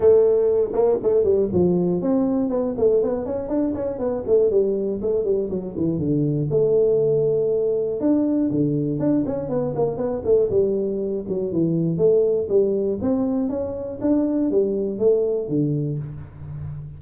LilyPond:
\new Staff \with { instrumentName = "tuba" } { \time 4/4 \tempo 4 = 120 a4. ais8 a8 g8 f4 | c'4 b8 a8 b8 cis'8 d'8 cis'8 | b8 a8 g4 a8 g8 fis8 e8 | d4 a2. |
d'4 d4 d'8 cis'8 b8 ais8 | b8 a8 g4. fis8 e4 | a4 g4 c'4 cis'4 | d'4 g4 a4 d4 | }